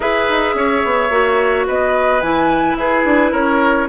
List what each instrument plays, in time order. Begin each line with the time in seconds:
0.00 bassoon E4, clarinet G#4, oboe B4, flute E5
0.28 bassoon D#4
0.54 bassoon C#4, oboe C#5
0.84 bassoon B3
1.10 bassoon A#3, clarinet F#4
1.67 bassoon B3, oboe B4, flute D#5
2.20 bassoon E3, clarinet E4, flute G#5
2.75 bassoon E4, oboe G#4, flute B4
3.04 bassoon D4
3.31 bassoon C#4, oboe A#4, flute C#5